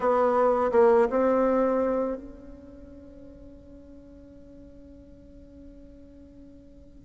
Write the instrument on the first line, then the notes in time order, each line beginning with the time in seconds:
bassoon
0.00 B3
0.71 A#3
1.10 C4
2.16 C#4